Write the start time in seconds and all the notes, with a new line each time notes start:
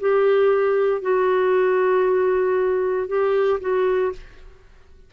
0.00 G4
1.02 F#4
3.08 G4
3.61 F#4